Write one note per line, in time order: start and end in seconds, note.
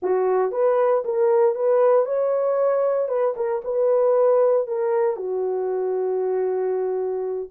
0.02 0.51 F#4
0.51 1.03 B4
1.04 1.55 A#4
1.55 2.05 B4
2.05 3.08 C#5
3.08 3.34 B4
3.36 3.62 A#4
3.64 4.67 B4
4.67 5.16 A#4
5.16 7.49 F#4